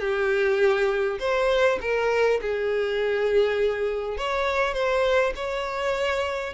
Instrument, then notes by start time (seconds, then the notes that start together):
violin
0.00 G4
1.20 C5
1.81 A#4
2.42 G#4
4.18 C#5
4.74 C5
5.36 C#5